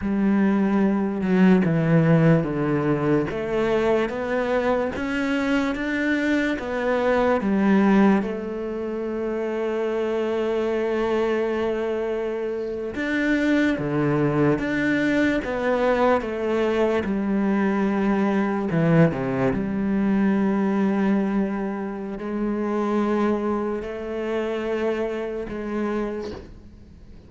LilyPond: \new Staff \with { instrumentName = "cello" } { \time 4/4 \tempo 4 = 73 g4. fis8 e4 d4 | a4 b4 cis'4 d'4 | b4 g4 a2~ | a2.~ a8. d'16~ |
d'8. d4 d'4 b4 a16~ | a8. g2 e8 c8 g16~ | g2. gis4~ | gis4 a2 gis4 | }